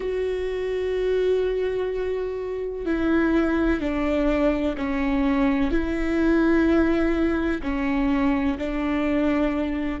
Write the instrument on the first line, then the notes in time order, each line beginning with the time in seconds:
viola
0.00 F#4
2.85 E4
3.80 D4
4.77 C#4
5.71 E4
7.62 C#4
8.58 D4